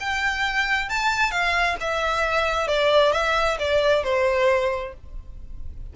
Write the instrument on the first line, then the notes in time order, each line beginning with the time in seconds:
violin
0.00 G5
0.89 A5
1.31 F5
1.80 E5
2.68 D5
3.13 E5
3.59 D5
4.04 C5